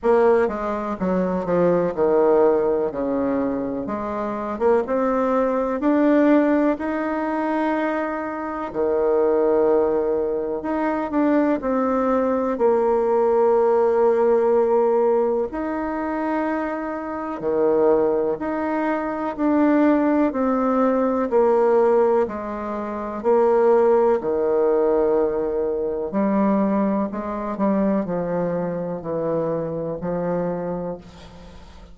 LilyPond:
\new Staff \with { instrumentName = "bassoon" } { \time 4/4 \tempo 4 = 62 ais8 gis8 fis8 f8 dis4 cis4 | gis8. ais16 c'4 d'4 dis'4~ | dis'4 dis2 dis'8 d'8 | c'4 ais2. |
dis'2 dis4 dis'4 | d'4 c'4 ais4 gis4 | ais4 dis2 g4 | gis8 g8 f4 e4 f4 | }